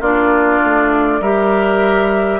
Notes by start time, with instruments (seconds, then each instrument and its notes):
0.00 bassoon A#3, clarinet D4, oboe F4, flute D5
0.64 bassoon A3
1.20 bassoon G3, clarinet G4, oboe A#4, flute E5